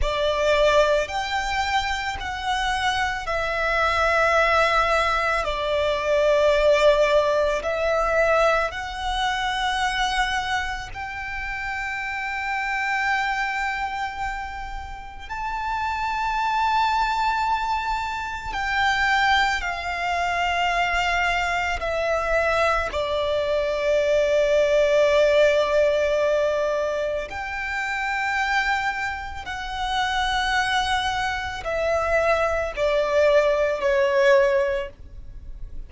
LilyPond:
\new Staff \with { instrumentName = "violin" } { \time 4/4 \tempo 4 = 55 d''4 g''4 fis''4 e''4~ | e''4 d''2 e''4 | fis''2 g''2~ | g''2 a''2~ |
a''4 g''4 f''2 | e''4 d''2.~ | d''4 g''2 fis''4~ | fis''4 e''4 d''4 cis''4 | }